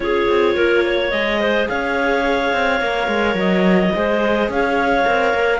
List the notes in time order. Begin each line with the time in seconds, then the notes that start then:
0.00 C#4 F4 G#4 C#5
0.29 C4
0.55 A#3 A#4
0.85 C#5
1.10 G#3 G#4 D#5
1.40 C5
1.68 C#4 C#5 F5
2.52 C4
2.80 A#3 A#4
3.07 G#3
3.34 F#3 D#5
3.95 G#3 G#4 C5
4.48 C#4 C#5 F5
5.05 C4 A#4
5.33 A#3